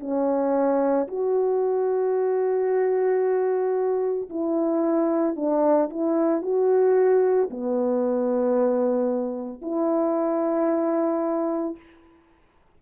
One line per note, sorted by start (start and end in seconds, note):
0.00 1.07 C#4
1.07 4.29 F#4
4.29 5.36 E4
5.36 5.89 D4
5.89 6.41 E4
6.41 7.49 F#4
7.50 9.61 B3
9.61 11.76 E4